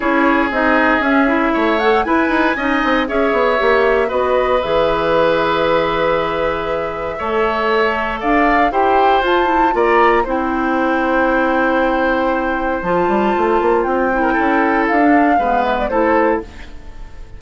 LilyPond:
<<
  \new Staff \with { instrumentName = "flute" } { \time 4/4 \tempo 4 = 117 cis''4 dis''4 e''4. fis''8 | gis''2 e''2 | dis''4 e''2.~ | e''1 |
f''4 g''4 a''4 ais''4 | g''1~ | g''4 a''2 g''4~ | g''4 f''4. e''16 d''16 c''4 | }
  \new Staff \with { instrumentName = "oboe" } { \time 4/4 gis'2. cis''4 | b'4 dis''4 cis''2 | b'1~ | b'2 cis''2 |
d''4 c''2 d''4 | c''1~ | c''2.~ c''8. ais'16 | a'2 b'4 a'4 | }
  \new Staff \with { instrumentName = "clarinet" } { \time 4/4 e'4 dis'4 cis'8 e'4 a'8 | e'4 dis'4 gis'4 g'4 | fis'4 gis'2.~ | gis'2 a'2~ |
a'4 g'4 f'8 e'8 f'4 | e'1~ | e'4 f'2~ f'8 e'8~ | e'4~ e'16 d'8. b4 e'4 | }
  \new Staff \with { instrumentName = "bassoon" } { \time 4/4 cis'4 c'4 cis'4 a4 | e'8 dis'8 cis'8 c'8 cis'8 b8 ais4 | b4 e2.~ | e2 a2 |
d'4 e'4 f'4 ais4 | c'1~ | c'4 f8 g8 a8 ais8 c'4 | cis'4 d'4 gis4 a4 | }
>>